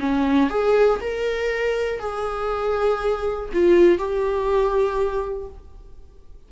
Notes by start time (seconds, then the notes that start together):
0.00 C#4
0.50 G#4
1.01 A#4
2.00 G#4
3.53 F4
3.98 G4